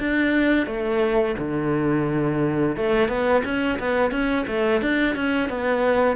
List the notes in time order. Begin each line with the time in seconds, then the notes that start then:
0.00 D4
0.66 A3
1.39 D3
2.77 A3
3.09 B3
3.45 C#4
3.80 B3
4.11 C#4
4.48 A3
4.82 D4
5.16 C#4
5.50 B3